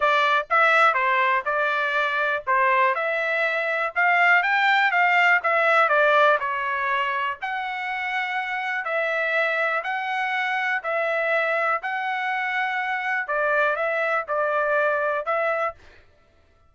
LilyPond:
\new Staff \with { instrumentName = "trumpet" } { \time 4/4 \tempo 4 = 122 d''4 e''4 c''4 d''4~ | d''4 c''4 e''2 | f''4 g''4 f''4 e''4 | d''4 cis''2 fis''4~ |
fis''2 e''2 | fis''2 e''2 | fis''2. d''4 | e''4 d''2 e''4 | }